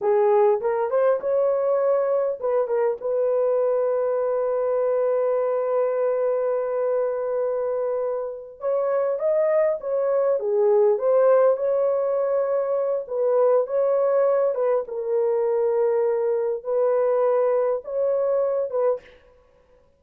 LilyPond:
\new Staff \with { instrumentName = "horn" } { \time 4/4 \tempo 4 = 101 gis'4 ais'8 c''8 cis''2 | b'8 ais'8 b'2.~ | b'1~ | b'2~ b'8 cis''4 dis''8~ |
dis''8 cis''4 gis'4 c''4 cis''8~ | cis''2 b'4 cis''4~ | cis''8 b'8 ais'2. | b'2 cis''4. b'8 | }